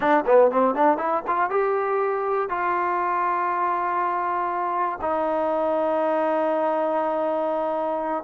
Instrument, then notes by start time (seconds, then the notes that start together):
trombone
0.00 D4
0.26 B3
0.51 C4
0.75 D4
0.97 E4
1.27 F4
1.50 G4
2.49 F4
5.01 D#4